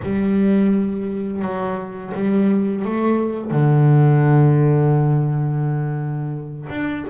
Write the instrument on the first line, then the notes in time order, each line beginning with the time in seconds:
double bass
0.03 G3
1.41 F#3
2.14 G3
2.84 A3
3.50 D3
6.69 D4